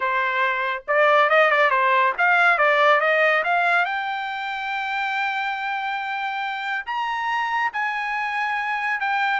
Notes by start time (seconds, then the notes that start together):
0.00 C5
0.87 D5
1.29 D#5
1.51 D5
1.70 C5
2.18 F5
2.58 D5
3.00 D#5
3.44 F5
3.85 G5
6.86 A#5
7.73 G#5
9.00 G5